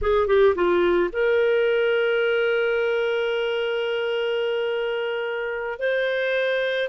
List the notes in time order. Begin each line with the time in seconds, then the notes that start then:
0.02 G#4
0.27 G4
0.55 F4
1.12 A#4
5.79 C5